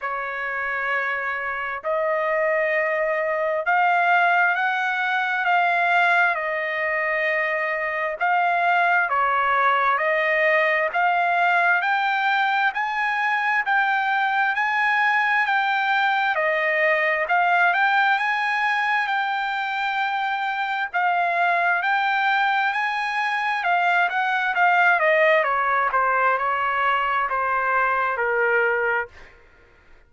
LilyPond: \new Staff \with { instrumentName = "trumpet" } { \time 4/4 \tempo 4 = 66 cis''2 dis''2 | f''4 fis''4 f''4 dis''4~ | dis''4 f''4 cis''4 dis''4 | f''4 g''4 gis''4 g''4 |
gis''4 g''4 dis''4 f''8 g''8 | gis''4 g''2 f''4 | g''4 gis''4 f''8 fis''8 f''8 dis''8 | cis''8 c''8 cis''4 c''4 ais'4 | }